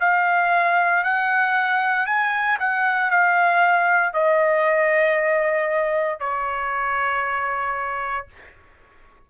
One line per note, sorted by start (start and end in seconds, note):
0.00 1.03 F5
1.03 2.06 F#5
2.06 2.58 G#5
2.59 3.10 F#5
3.10 4.13 F5
4.13 6.20 D#5
6.20 8.27 C#5